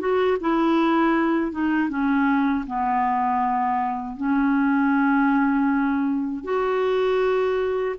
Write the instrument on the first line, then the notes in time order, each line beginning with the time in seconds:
clarinet
0.00 F#4
0.40 E4
1.52 D#4
1.90 C#4
2.67 B3
4.17 C#4
6.44 F#4